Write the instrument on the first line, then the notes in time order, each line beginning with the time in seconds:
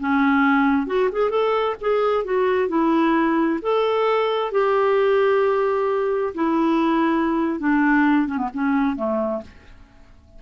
clarinet
0.00 C#4
0.87 F#4
1.12 G#4
1.30 A4
1.81 G#4
2.24 F#4
2.69 E4
3.62 A4
4.52 G4
6.35 E4
7.60 D4
8.27 C#4
8.38 B3
8.53 C#4
8.96 A3